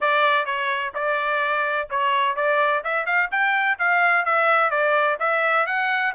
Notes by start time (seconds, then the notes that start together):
0.00 D5
0.45 C#5
0.94 D5
1.90 C#5
2.35 D5
2.83 E5
3.05 F5
3.31 G5
3.78 F5
4.25 E5
4.70 D5
5.19 E5
5.66 F#5